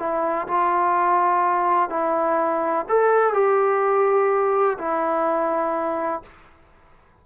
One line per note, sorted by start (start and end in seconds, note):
0.00 0.48 E4
0.48 1.90 F4
1.90 2.86 E4
2.90 3.34 A4
3.34 4.78 G4
4.79 6.23 E4